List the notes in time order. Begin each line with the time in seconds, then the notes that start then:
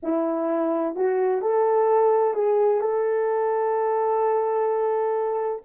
0.03 E4
0.95 F#4
1.41 A4
2.34 G#4
2.80 A4